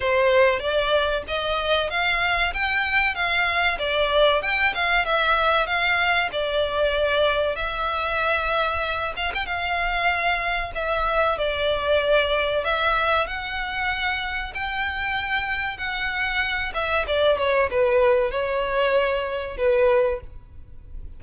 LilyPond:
\new Staff \with { instrumentName = "violin" } { \time 4/4 \tempo 4 = 95 c''4 d''4 dis''4 f''4 | g''4 f''4 d''4 g''8 f''8 | e''4 f''4 d''2 | e''2~ e''8 f''16 g''16 f''4~ |
f''4 e''4 d''2 | e''4 fis''2 g''4~ | g''4 fis''4. e''8 d''8 cis''8 | b'4 cis''2 b'4 | }